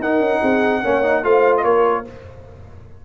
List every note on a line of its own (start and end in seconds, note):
0.00 0.20 D#4
0.00 0.84 D#4
0.00 0.42 A#4
0.00 1.25 F#5
0.20 0.41 C#4
0.42 0.84 C4
0.42 0.82 G#4
0.83 1.24 A#3
0.83 1.03 C#4
0.83 1.24 C#5
1.03 1.23 D#4
1.23 1.65 A3
1.23 2.05 F4
1.23 1.63 C5
1.23 1.55 F5
1.57 2.04 A#4
1.57 1.64 D#5
1.64 2.06 A#3
1.64 2.05 C#5